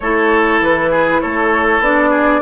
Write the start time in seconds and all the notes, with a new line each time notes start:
0.00 A3 E4 A4 C#5
0.60 E3 B4
0.90 G#4
1.21 A3 A4 C#5
1.79 B3 D4 D5
2.10 G#4